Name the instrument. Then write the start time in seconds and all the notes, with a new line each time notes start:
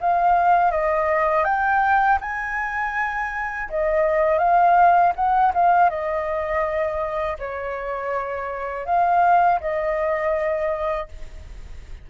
flute
0.00 F5
0.71 D#5
1.44 G5
2.21 G#5
3.69 D#5
4.38 F5
5.15 F#5
5.54 F5
5.89 D#5
7.38 C#5
8.85 F5
9.60 D#5